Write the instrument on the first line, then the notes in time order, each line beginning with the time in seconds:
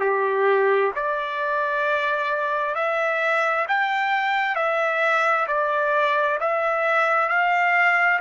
trumpet
0.00 G4
0.95 D5
2.75 E5
3.68 G5
4.55 E5
5.48 D5
6.40 E5
7.29 F5